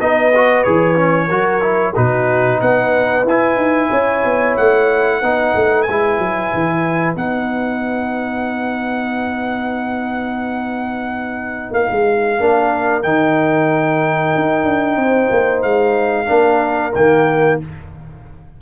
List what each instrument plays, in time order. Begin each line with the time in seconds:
0.00 tuba B3, trombone D#4, horn B4, trumpet D#5
0.35 trombone F#4
0.63 tuba E3, trombone G#4, trumpet C#5
0.96 trombone C#4
1.27 tuba F#3, trombone F#4, horn A#4
1.61 trombone E4
1.95 tuba B2, trombone D#4, horn F#4, trumpet B4
2.61 tuba B3, horn B4, trumpet F#5
3.24 tuba E4, trombone E4, trumpet G#5
3.57 tuba D#4
3.90 tuba C#4, horn C#5
4.24 tuba B3
4.56 tuba A3, trumpet F#5
5.19 tuba B3, trombone D#4, horn B4
5.55 tuba A3
5.82 tuba G#3, trumpet G#5
5.90 trombone E4
6.19 tuba F#3
6.54 tuba E3
7.15 tuba B3, trombone D#4, trumpet F#5
11.71 tuba A#3, trumpet F5
11.91 tuba G#3
12.39 tuba A#3, trombone D4, horn A#4
13.03 tuba D#3, trombone D#4, trumpet G5
14.35 tuba D#4
14.64 tuba D4
14.96 tuba C4, horn C5
15.31 tuba A#3
15.62 tuba G#3, trumpet F5
16.26 tuba A#3, trombone D4, horn A#4
16.94 tuba D#3, trombone A#3, trumpet G5